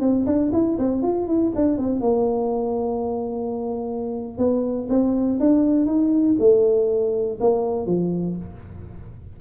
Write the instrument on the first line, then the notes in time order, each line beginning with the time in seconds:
tuba
0.00 C4
0.26 D4
0.52 E4
0.78 C4
1.02 F4
1.27 E4
1.55 D4
1.78 C4
2.00 A#3
4.38 B3
4.89 C4
5.39 D4
5.85 D#4
6.39 A3
7.40 A#3
7.86 F3